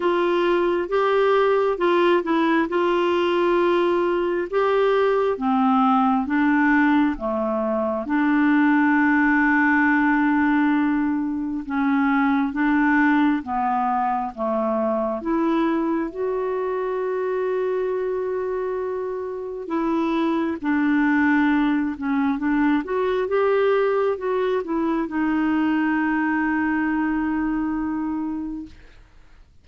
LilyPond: \new Staff \with { instrumentName = "clarinet" } { \time 4/4 \tempo 4 = 67 f'4 g'4 f'8 e'8 f'4~ | f'4 g'4 c'4 d'4 | a4 d'2.~ | d'4 cis'4 d'4 b4 |
a4 e'4 fis'2~ | fis'2 e'4 d'4~ | d'8 cis'8 d'8 fis'8 g'4 fis'8 e'8 | dis'1 | }